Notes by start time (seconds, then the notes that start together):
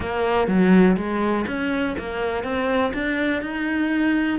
0.00 A#3
0.47 F#3
0.96 G#3
1.47 C#4
1.98 A#3
2.43 C4
2.93 D4
3.42 D#4